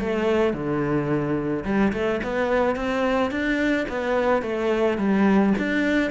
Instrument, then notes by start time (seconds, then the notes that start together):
cello
0.00 A3
0.54 D3
1.65 G3
1.93 A3
2.23 B3
2.76 C4
3.31 D4
3.89 B3
4.43 A3
4.98 G3
5.59 D4